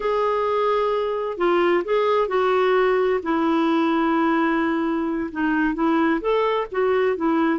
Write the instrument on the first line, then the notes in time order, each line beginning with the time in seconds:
clarinet
0.00 G#4
1.37 F4
1.84 G#4
2.27 F#4
3.22 E4
5.31 D#4
5.74 E4
6.20 A4
6.71 F#4
7.16 E4